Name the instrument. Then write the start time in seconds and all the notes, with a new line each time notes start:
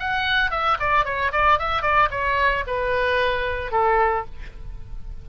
oboe
0.00 F#5
0.51 E5
0.80 D5
1.05 C#5
1.32 D5
1.59 E5
1.82 D5
2.11 C#5
2.67 B4
3.72 A4